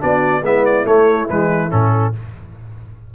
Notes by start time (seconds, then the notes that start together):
0.00 B3 D4 F#4 D5
0.42 G#3 B3 E4 E5
0.65 D5
0.85 A3 C#5
1.29 E3 G#3 B4
1.71 A2 C#4 A4